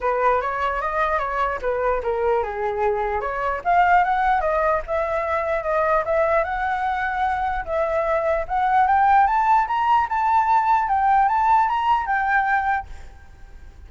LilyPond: \new Staff \with { instrumentName = "flute" } { \time 4/4 \tempo 4 = 149 b'4 cis''4 dis''4 cis''4 | b'4 ais'4 gis'2 | cis''4 f''4 fis''4 dis''4 | e''2 dis''4 e''4 |
fis''2. e''4~ | e''4 fis''4 g''4 a''4 | ais''4 a''2 g''4 | a''4 ais''4 g''2 | }